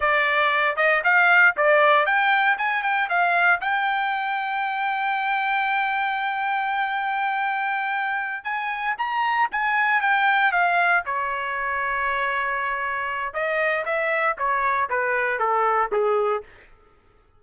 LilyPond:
\new Staff \with { instrumentName = "trumpet" } { \time 4/4 \tempo 4 = 117 d''4. dis''8 f''4 d''4 | g''4 gis''8 g''8 f''4 g''4~ | g''1~ | g''1~ |
g''8 gis''4 ais''4 gis''4 g''8~ | g''8 f''4 cis''2~ cis''8~ | cis''2 dis''4 e''4 | cis''4 b'4 a'4 gis'4 | }